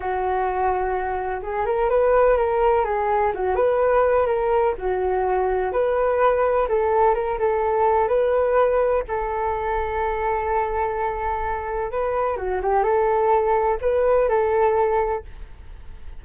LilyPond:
\new Staff \with { instrumentName = "flute" } { \time 4/4 \tempo 4 = 126 fis'2. gis'8 ais'8 | b'4 ais'4 gis'4 fis'8 b'8~ | b'4 ais'4 fis'2 | b'2 a'4 ais'8 a'8~ |
a'4 b'2 a'4~ | a'1~ | a'4 b'4 fis'8 g'8 a'4~ | a'4 b'4 a'2 | }